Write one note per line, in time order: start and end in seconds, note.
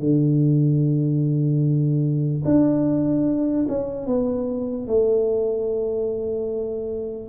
0.00 2.43 D3
2.45 3.67 D4
3.69 4.07 C#4
4.07 4.88 B3
4.88 7.30 A3